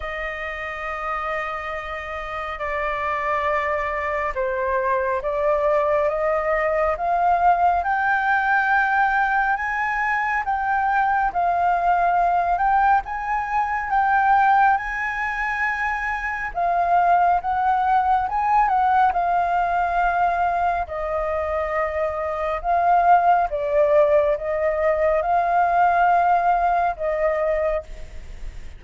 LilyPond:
\new Staff \with { instrumentName = "flute" } { \time 4/4 \tempo 4 = 69 dis''2. d''4~ | d''4 c''4 d''4 dis''4 | f''4 g''2 gis''4 | g''4 f''4. g''8 gis''4 |
g''4 gis''2 f''4 | fis''4 gis''8 fis''8 f''2 | dis''2 f''4 d''4 | dis''4 f''2 dis''4 | }